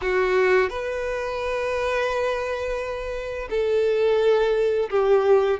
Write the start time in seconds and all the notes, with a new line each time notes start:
0.01 F#4
0.69 B4
3.49 A4
4.90 G4